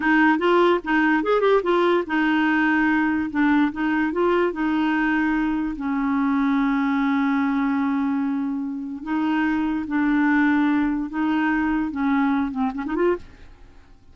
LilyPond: \new Staff \with { instrumentName = "clarinet" } { \time 4/4 \tempo 4 = 146 dis'4 f'4 dis'4 gis'8 g'8 | f'4 dis'2. | d'4 dis'4 f'4 dis'4~ | dis'2 cis'2~ |
cis'1~ | cis'2 dis'2 | d'2. dis'4~ | dis'4 cis'4. c'8 cis'16 dis'16 f'8 | }